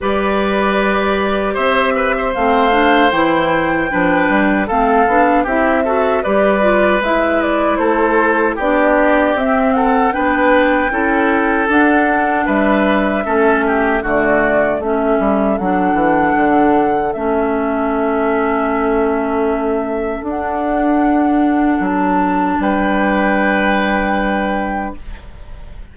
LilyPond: <<
  \new Staff \with { instrumentName = "flute" } { \time 4/4 \tempo 4 = 77 d''2 e''4 f''4 | g''2 f''4 e''4 | d''4 e''8 d''8 c''4 d''4 | e''8 fis''8 g''2 fis''4 |
e''2 d''4 e''4 | fis''2 e''2~ | e''2 fis''2 | a''4 g''2. | }
  \new Staff \with { instrumentName = "oboe" } { \time 4/4 b'2 c''8 b'16 c''4~ c''16~ | c''4 b'4 a'4 g'8 a'8 | b'2 a'4 g'4~ | g'8 a'8 b'4 a'2 |
b'4 a'8 g'8 fis'4 a'4~ | a'1~ | a'1~ | a'4 b'2. | }
  \new Staff \with { instrumentName = "clarinet" } { \time 4/4 g'2. c'8 d'8 | e'4 d'4 c'8 d'8 e'8 fis'8 | g'8 f'8 e'2 d'4 | c'4 d'4 e'4 d'4~ |
d'4 cis'4 a4 cis'4 | d'2 cis'2~ | cis'2 d'2~ | d'1 | }
  \new Staff \with { instrumentName = "bassoon" } { \time 4/4 g2 c'4 a4 | e4 f8 g8 a8 b8 c'4 | g4 gis4 a4 b4 | c'4 b4 cis'4 d'4 |
g4 a4 d4 a8 g8 | fis8 e8 d4 a2~ | a2 d'2 | fis4 g2. | }
>>